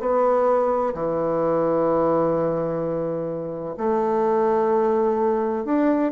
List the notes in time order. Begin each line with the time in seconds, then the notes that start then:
0.00 B3
0.95 E3
3.78 A3
5.65 D4